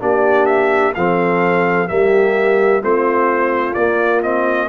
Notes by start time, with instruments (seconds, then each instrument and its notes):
0.00 tuba A#3, trombone D4, horn G4, trumpet D5
0.46 trumpet E5
0.95 tuba F3, trombone C4, horn A4, trumpet F5
1.88 tuba G3, trombone A#3, horn G4, trumpet E5
2.82 tuba A3, trombone C4, horn F4, trumpet C5
3.74 trombone A#3, tuba A#3, trumpet D5
4.23 trombone C4, trumpet D#5